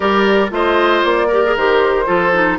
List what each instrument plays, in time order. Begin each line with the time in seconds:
0.00 bassoon G3, clarinet G4, oboe A#4, flute D5
0.49 bassoon A3, clarinet F4, oboe C5, flute D#5
1.03 bassoon A#3, flute D5
1.27 clarinet G4, oboe A#4
1.44 clarinet G#4
1.55 bassoon D#3, clarinet G4, flute C5
2.05 bassoon F3, clarinet F4, oboe A4
2.33 clarinet D#4